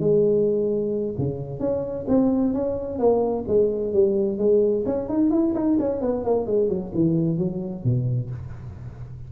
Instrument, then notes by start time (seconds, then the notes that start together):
tuba
0.00 G#3
1.18 C#3
1.60 C#4
2.08 C4
2.54 C#4
2.99 A#3
3.48 G#3
3.93 G3
4.38 G#3
4.86 C#4
5.09 D#4
5.31 E4
5.55 D#4
5.79 C#4
6.01 B3
6.25 A#3
6.47 G#3
6.69 F#3
6.94 E3
7.38 F#3
7.84 B2